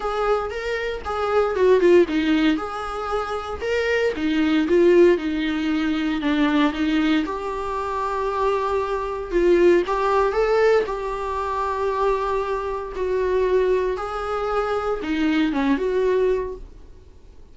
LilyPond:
\new Staff \with { instrumentName = "viola" } { \time 4/4 \tempo 4 = 116 gis'4 ais'4 gis'4 fis'8 f'8 | dis'4 gis'2 ais'4 | dis'4 f'4 dis'2 | d'4 dis'4 g'2~ |
g'2 f'4 g'4 | a'4 g'2.~ | g'4 fis'2 gis'4~ | gis'4 dis'4 cis'8 fis'4. | }